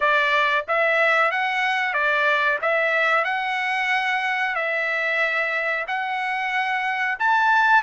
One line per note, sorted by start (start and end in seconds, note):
0.00 0.65 D5
0.68 1.31 E5
1.31 1.93 F#5
1.93 2.58 D5
2.61 3.24 E5
3.24 4.55 F#5
4.55 5.85 E5
5.87 7.18 F#5
7.19 7.82 A5